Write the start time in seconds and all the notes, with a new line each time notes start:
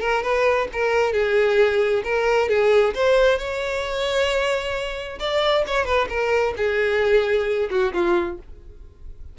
0.00 A#4
0.23 B4
0.72 A#4
1.12 G#4
2.04 A#4
2.49 G#4
2.94 C5
3.38 C#5
5.19 D5
5.66 C#5
5.85 B4
6.09 A#4
6.56 G#4
7.70 F#4
7.93 F4